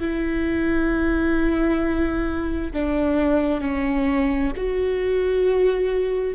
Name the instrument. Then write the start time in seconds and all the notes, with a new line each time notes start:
viola
0.00 E4
2.73 D4
3.61 C#4
4.57 F#4